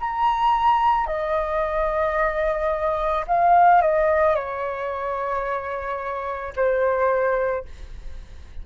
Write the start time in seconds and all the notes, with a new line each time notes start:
0.00 A#5
1.07 D#5
3.27 F5
3.82 D#5
4.35 C#5
6.56 C5